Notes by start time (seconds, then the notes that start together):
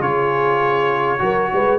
0.00 C#3 F4 G#4 C#5
1.19 F#3 F#4 A#4
1.53 G#3 B4